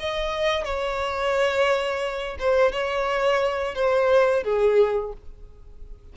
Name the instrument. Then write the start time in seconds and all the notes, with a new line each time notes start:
violin
0.00 D#5
0.65 C#5
2.40 C5
2.72 C#5
3.75 C5
4.44 G#4